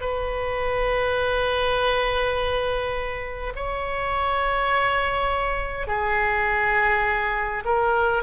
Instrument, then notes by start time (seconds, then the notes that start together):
oboe
0.00 B4
3.56 C#5
5.87 G#4
7.65 A#4